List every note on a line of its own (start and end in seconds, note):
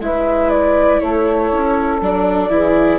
0.00 1.00 G#3
0.00 2.01 E4
0.00 1.01 B4
0.00 0.50 E5
0.50 1.00 D5
1.00 1.52 A3
1.00 2.51 A4
1.00 2.00 C#5
1.52 2.01 C#4
2.01 2.50 F#3
2.01 2.50 D4
2.01 2.99 D5
2.50 2.99 E3
2.50 2.99 E4
2.50 2.99 G#4